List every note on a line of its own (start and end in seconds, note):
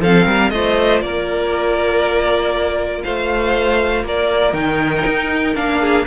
0.00 0.25 F3
0.00 0.54 C4
0.00 0.25 A4
0.00 0.50 F5
0.25 0.51 G3
0.25 0.51 A#4
0.50 1.01 A3
0.50 4.53 F4
0.50 1.04 C5
0.50 1.00 D#5
1.01 3.03 A#3
1.01 3.04 A#4
1.01 3.03 D5
3.03 4.03 A3
3.03 4.05 C5
3.03 4.04 F5
4.03 4.53 A#3
4.03 5.80 A#4
4.03 4.54 D5
4.53 5.03 D#3
4.53 5.54 D#4
4.53 5.55 G5
5.06 5.56 D#4
5.55 6.06 A#3
5.55 6.05 D4
5.55 6.06 F5
5.80 6.06 G#4